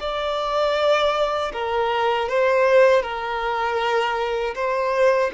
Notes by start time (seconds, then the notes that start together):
0.00 D5
1.53 A#4
2.29 C5
3.02 A#4
4.55 C5